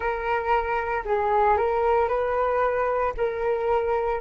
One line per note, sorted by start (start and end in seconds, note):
0.00 1.03 A#4
1.05 1.57 G#4
1.57 2.08 A#4
2.08 3.13 B4
3.17 4.21 A#4